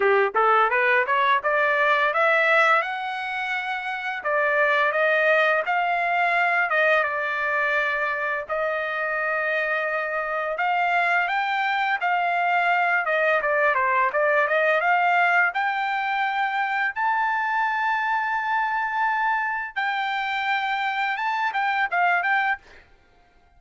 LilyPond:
\new Staff \with { instrumentName = "trumpet" } { \time 4/4 \tempo 4 = 85 g'8 a'8 b'8 cis''8 d''4 e''4 | fis''2 d''4 dis''4 | f''4. dis''8 d''2 | dis''2. f''4 |
g''4 f''4. dis''8 d''8 c''8 | d''8 dis''8 f''4 g''2 | a''1 | g''2 a''8 g''8 f''8 g''8 | }